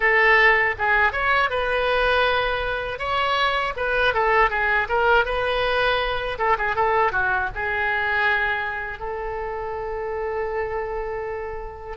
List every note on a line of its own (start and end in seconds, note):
0.00 0.75 A4
0.78 1.12 G#4
1.12 1.50 C#5
1.50 2.98 B4
2.98 3.73 C#5
3.76 4.14 B4
4.14 4.50 A4
4.50 4.87 G#4
4.88 5.25 A#4
5.25 6.38 B4
6.38 6.57 A4
6.58 6.75 G#4
6.75 7.11 A4
7.11 7.49 F#4
7.54 8.99 G#4
8.99 11.97 A4